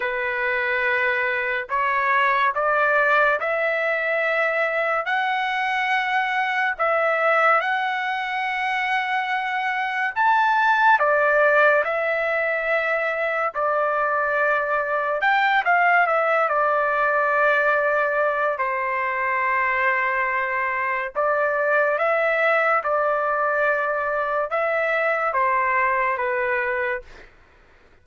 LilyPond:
\new Staff \with { instrumentName = "trumpet" } { \time 4/4 \tempo 4 = 71 b'2 cis''4 d''4 | e''2 fis''2 | e''4 fis''2. | a''4 d''4 e''2 |
d''2 g''8 f''8 e''8 d''8~ | d''2 c''2~ | c''4 d''4 e''4 d''4~ | d''4 e''4 c''4 b'4 | }